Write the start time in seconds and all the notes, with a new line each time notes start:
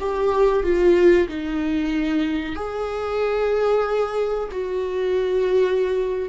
0.00 G4
0.63 F4
1.28 D#4
2.55 G#4
4.51 F#4